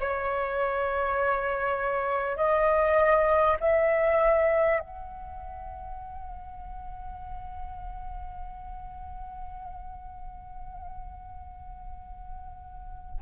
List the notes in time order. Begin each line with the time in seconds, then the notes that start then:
0.00 C#5
2.37 D#5
3.60 E5
4.80 F#5